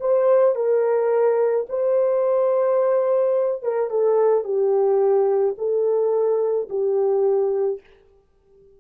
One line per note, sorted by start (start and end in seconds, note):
0.00 0.55 C5
0.55 1.66 A#4
1.69 3.62 C5
3.62 3.90 A#4
3.90 4.44 A4
4.44 5.55 G4
5.58 6.69 A4
6.69 7.80 G4